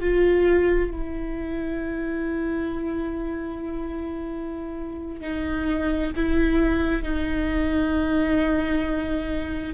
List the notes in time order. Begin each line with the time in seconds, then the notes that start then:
0.00 F4
0.90 E4
5.21 D#4
6.16 E4
7.02 D#4